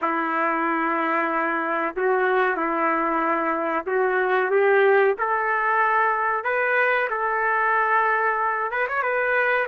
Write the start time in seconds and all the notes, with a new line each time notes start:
0.01 E4
1.96 F#4
2.56 E4
3.86 F#4
4.50 G4
5.18 A4
6.44 B4
7.09 A4
8.71 B4
8.87 C#5
9.02 B4